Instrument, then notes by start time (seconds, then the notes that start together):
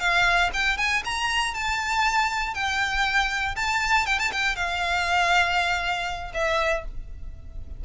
violin
0.00 F5
0.54 G5
0.78 G#5
1.05 A#5
1.55 A5
2.55 G5
3.56 A5
4.07 G5
4.19 A5
4.32 G5
4.56 F5
6.34 E5